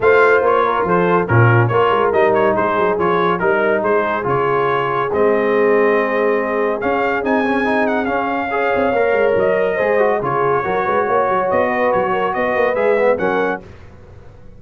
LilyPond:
<<
  \new Staff \with { instrumentName = "trumpet" } { \time 4/4 \tempo 4 = 141 f''4 cis''4 c''4 ais'4 | cis''4 dis''8 cis''8 c''4 cis''4 | ais'4 c''4 cis''2 | dis''1 |
f''4 gis''4. fis''8 f''4~ | f''2 dis''2 | cis''2. dis''4 | cis''4 dis''4 e''4 fis''4 | }
  \new Staff \with { instrumentName = "horn" } { \time 4/4 c''4. ais'8 a'4 f'4 | ais'2 gis'2 | ais'4 gis'2.~ | gis'1~ |
gis'1 | cis''2. c''4 | gis'4 ais'8 b'8 cis''4. b'8~ | b'8 ais'8 b'2 ais'4 | }
  \new Staff \with { instrumentName = "trombone" } { \time 4/4 f'2. cis'4 | f'4 dis'2 f'4 | dis'2 f'2 | c'1 |
cis'4 dis'8 cis'8 dis'4 cis'4 | gis'4 ais'2 gis'8 fis'8 | f'4 fis'2.~ | fis'2 gis'8 b8 cis'4 | }
  \new Staff \with { instrumentName = "tuba" } { \time 4/4 a4 ais4 f4 ais,4 | ais8 gis8 g4 gis8 fis8 f4 | g4 gis4 cis2 | gis1 |
cis'4 c'2 cis'4~ | cis'8 c'8 ais8 gis8 fis4 gis4 | cis4 fis8 gis8 ais8 fis8 b4 | fis4 b8 ais8 gis4 fis4 | }
>>